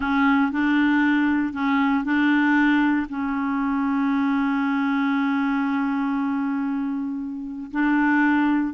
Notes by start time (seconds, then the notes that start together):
0.00 C#4
0.51 D4
1.53 C#4
2.04 D4
3.09 C#4
7.71 D4